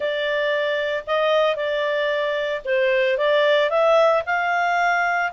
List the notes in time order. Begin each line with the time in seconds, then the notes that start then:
0.00 D5
1.06 D#5
1.55 D5
2.64 C5
3.17 D5
3.70 E5
4.26 F5